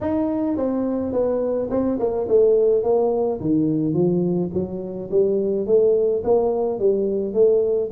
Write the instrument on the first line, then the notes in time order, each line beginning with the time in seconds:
tuba
0.00 D#4
0.57 C4
1.12 B3
1.70 C4
1.99 A#3
2.28 A3
2.83 A#3
3.40 D#3
3.93 F3
4.53 F#3
5.10 G3
5.66 A3
6.24 A#3
6.79 G3
7.33 A3